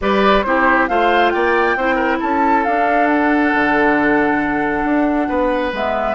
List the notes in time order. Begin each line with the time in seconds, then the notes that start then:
0.01 G3 G4 B4 D5
0.42 C4 E4 G4 C5
0.87 A3 F4 C5 F5
1.30 A#3 D5 G5
1.75 C4 E4 C5
1.95 A#4
2.19 C#4 A4 A5
2.64 D4 F5
3.07 F#5
3.54 D3
4.84 D4
5.28 B3 B4
5.72 G#3 B3 E5